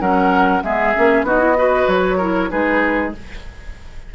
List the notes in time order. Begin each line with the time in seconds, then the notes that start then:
0.00 F#3 C#4 A#4 F#5
0.63 G#3 B3 G#4 E5
0.94 A#3 C#4
1.23 B3 D#4 F#4 D#5
1.39 E4
1.57 F#4 B4
1.87 F#3 C#5
2.17 E4 A#4
2.49 G#3 D#4 G#4 B4